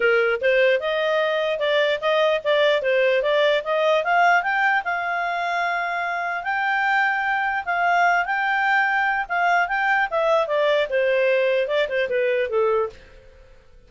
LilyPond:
\new Staff \with { instrumentName = "clarinet" } { \time 4/4 \tempo 4 = 149 ais'4 c''4 dis''2 | d''4 dis''4 d''4 c''4 | d''4 dis''4 f''4 g''4 | f''1 |
g''2. f''4~ | f''8 g''2~ g''8 f''4 | g''4 e''4 d''4 c''4~ | c''4 d''8 c''8 b'4 a'4 | }